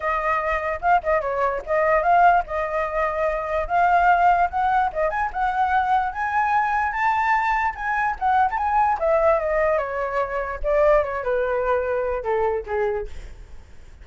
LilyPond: \new Staff \with { instrumentName = "flute" } { \time 4/4 \tempo 4 = 147 dis''2 f''8 dis''8 cis''4 | dis''4 f''4 dis''2~ | dis''4 f''2 fis''4 | dis''8 gis''8 fis''2 gis''4~ |
gis''4 a''2 gis''4 | fis''8. a''16 gis''4 e''4 dis''4 | cis''2 d''4 cis''8 b'8~ | b'2 a'4 gis'4 | }